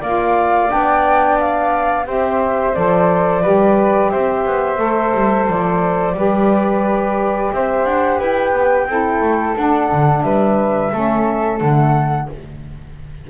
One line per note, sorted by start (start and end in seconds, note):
0.00 0.70 A#3
0.00 0.67 F4
0.00 2.05 D5
0.00 0.70 F5
0.67 2.07 B3
0.67 2.03 D4
0.67 1.38 G5
1.38 2.06 F5
2.05 2.75 C4
2.05 2.73 G4
2.05 3.42 C5
2.05 2.74 E5
2.74 3.44 F3
2.74 3.42 A4
2.74 4.09 D5
3.42 4.12 G3
3.42 4.77 G4
3.42 4.10 B4
4.09 4.45 C4
4.09 6.15 C5
4.09 5.45 E5
4.45 4.77 B3
4.77 5.11 A3
4.77 6.13 A4
5.13 5.47 G3
5.47 6.13 F3
5.47 7.53 D5
6.13 7.50 G3
6.13 8.87 G4
6.13 7.53 B4
7.52 7.85 C4
7.52 8.18 C5
7.52 7.85 E5
7.85 8.19 D4
7.85 8.19 F#5
8.18 8.52 E4
8.18 8.86 B4
8.18 9.56 G5
8.52 8.86 B3
8.86 9.20 C4
8.86 9.55 E4
8.86 10.24 A4
9.20 9.54 A3
9.55 10.91 D4
9.55 9.91 D4
9.55 10.22 F#5
9.92 10.22 D3
10.22 10.90 G3
10.22 10.92 B4
10.22 11.58 E5
10.92 11.60 A3
10.92 11.60 C#4
10.92 12.28 A4
11.60 12.28 D3
11.60 12.29 A3
11.60 12.29 F#5